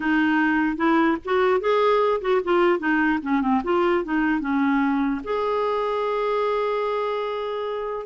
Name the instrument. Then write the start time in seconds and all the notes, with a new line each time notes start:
clarinet
0.00 D#4
0.76 E4
1.25 F#4
1.60 G#4
2.21 F#4
2.44 F4
2.79 D#4
3.22 C#4
3.41 C4
3.64 F4
4.04 D#4
4.40 C#4
5.23 G#4